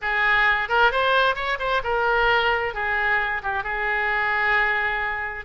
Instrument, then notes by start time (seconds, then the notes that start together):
oboe
0.01 G#4
0.68 A#4
0.91 C5
1.35 C#5
1.59 C5
1.83 A#4
2.74 G#4
3.42 G4
3.63 G#4